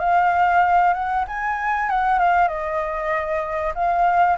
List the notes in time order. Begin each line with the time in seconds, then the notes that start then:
0.00 F5
0.94 F#5
1.28 G#5
1.90 F#5
2.19 F5
2.48 D#5
3.75 F5